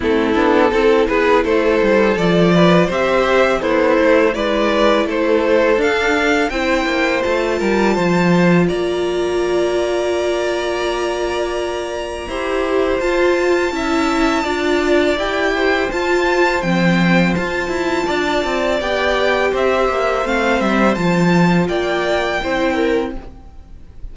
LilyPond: <<
  \new Staff \with { instrumentName = "violin" } { \time 4/4 \tempo 4 = 83 a'4. b'8 c''4 d''4 | e''4 c''4 d''4 c''4 | f''4 g''4 a''2 | ais''1~ |
ais''2 a''2~ | a''4 g''4 a''4 g''4 | a''2 g''4 e''4 | f''8 e''8 a''4 g''2 | }
  \new Staff \with { instrumentName = "violin" } { \time 4/4 e'4 a'8 gis'8 a'4. b'8 | c''4 e'4 b'4 a'4~ | a'4 c''4. ais'8 c''4 | d''1~ |
d''4 c''2 e''4 | d''4. c''2~ c''8~ | c''4 d''2 c''4~ | c''2 d''4 c''8 ais'8 | }
  \new Staff \with { instrumentName = "viola" } { \time 4/4 c'8 d'8 e'2 f'4 | g'4 a'4 e'2 | d'4 e'4 f'2~ | f'1~ |
f'4 g'4 f'4 e'4 | f'4 g'4 f'4 c'4 | f'2 g'2 | c'4 f'2 e'4 | }
  \new Staff \with { instrumentName = "cello" } { \time 4/4 a8 b8 c'8 b8 a8 g8 f4 | c'4 b8 a8 gis4 a4 | d'4 c'8 ais8 a8 g8 f4 | ais1~ |
ais4 e'4 f'4 cis'4 | d'4 e'4 f'4 f4 | f'8 e'8 d'8 c'8 b4 c'8 ais8 | a8 g8 f4 ais4 c'4 | }
>>